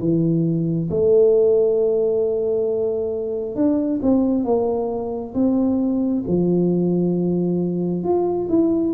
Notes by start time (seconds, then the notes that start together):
0.00 E3
0.91 A3
3.56 D4
4.03 C4
4.45 A#3
5.34 C4
6.28 F3
8.04 F4
8.50 E4